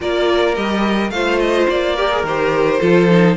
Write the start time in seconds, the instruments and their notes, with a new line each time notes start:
0.00 cello A#3, viola F4, violin A#4 D5
0.55 cello G3, viola G4, violin D#5
1.10 cello A3, viola F4, violin C5 F5
1.39 violin D#5
1.69 cello A#3, violin D5
1.96 viola G4, violin A#4
2.10 viola G#4
2.23 cello D#3, viola G4, violin C5
2.79 cello F3, viola F4, violin A4
3.09 viola D#4